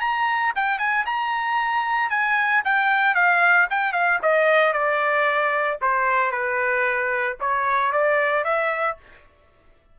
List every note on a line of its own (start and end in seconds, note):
0.00 0.53 A#5
0.56 0.78 G5
0.78 1.05 G#5
1.06 2.10 A#5
2.10 2.62 G#5
2.65 3.15 G5
3.15 3.67 F5
3.70 3.92 G5
3.92 4.19 F5
4.22 4.73 D#5
4.73 5.78 D5
5.81 6.31 C5
6.31 7.37 B4
7.40 7.92 C#5
7.92 8.44 D5
8.44 8.97 E5